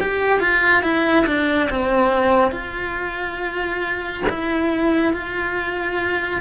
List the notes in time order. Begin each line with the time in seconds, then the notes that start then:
0.00 G4
0.40 F4
0.82 E4
1.26 D4
1.70 C4
2.51 F4
4.29 E4
5.14 F4